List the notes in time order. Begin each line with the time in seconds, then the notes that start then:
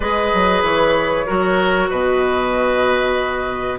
0.00 G#3 G#4 B4 D#5
0.33 F#3
0.62 E3 C#5
1.26 F#3 F#4 A#4
1.90 B2 B4 D#5